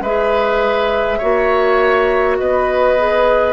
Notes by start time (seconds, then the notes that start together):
0.00 G#3 G#4 B4 E5
1.18 A#3 F#4 C#5
2.37 B3 B4 D#5
2.97 G#4